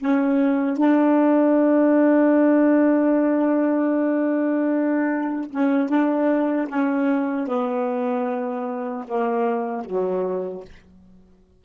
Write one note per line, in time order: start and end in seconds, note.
0.00 0.77 C#4
0.77 5.51 D4
5.51 5.89 C#4
5.89 6.68 D4
6.69 7.47 C#4
7.47 9.05 B3
9.08 9.85 A#3
9.85 10.64 F#3